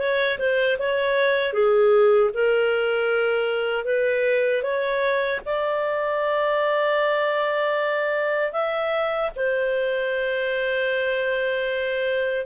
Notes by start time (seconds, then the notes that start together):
0.00 C#5
0.39 C5
0.79 C#5
1.53 G#4
2.34 A#4
3.85 B4
4.63 C#5
5.46 D5
8.53 E5
9.36 C5